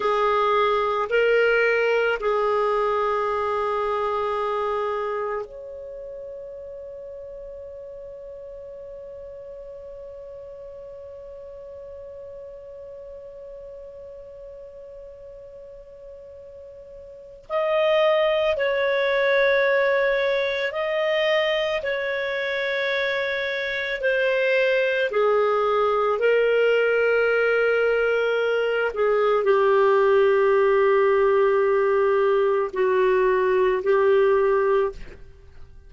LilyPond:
\new Staff \with { instrumentName = "clarinet" } { \time 4/4 \tempo 4 = 55 gis'4 ais'4 gis'2~ | gis'4 cis''2.~ | cis''1~ | cis''1 |
dis''4 cis''2 dis''4 | cis''2 c''4 gis'4 | ais'2~ ais'8 gis'8 g'4~ | g'2 fis'4 g'4 | }